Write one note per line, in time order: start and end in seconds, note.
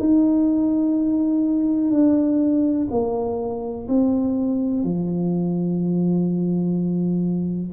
0.00 1.91 D#4
1.91 2.88 D4
2.91 3.88 A#3
3.88 4.84 C4
4.84 7.73 F3